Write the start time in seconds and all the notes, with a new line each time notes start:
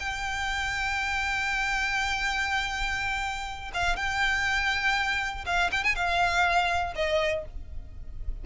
0.00 G5
3.74 F5
3.97 G5
5.46 F5
5.72 G5
5.84 G#5
5.95 F5
6.96 D#5